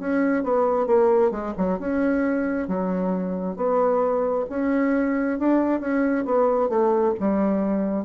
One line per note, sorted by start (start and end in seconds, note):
0.00 0.44 C#4
0.44 0.87 B3
0.87 1.31 A#3
1.31 1.54 G#3
1.58 1.80 F#3
1.80 2.68 C#4
2.68 3.57 F#3
3.57 4.46 B3
4.50 5.39 C#4
5.39 5.80 D4
5.80 6.25 C#4
6.26 6.70 B3
6.70 7.14 A3
7.20 8.06 G3